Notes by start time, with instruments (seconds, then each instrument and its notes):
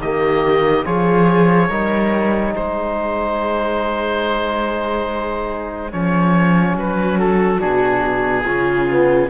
0.00 cello D#3, trombone A#3, viola G4, oboe D#5
0.85 cello F3, trombone F4, viola G#4, oboe C#5
1.68 cello G3, trombone D#4, viola A#4
2.52 cello G#3, viola G#4, oboe C5
5.92 cello F3, trombone C#4, oboe C#5
6.73 cello F#3, viola F#4, oboe B4
7.19 oboe A4
7.59 cello B2, trombone D4, oboe G#4
8.45 cello C#3, trombone C#4, viola F4
8.90 trombone B3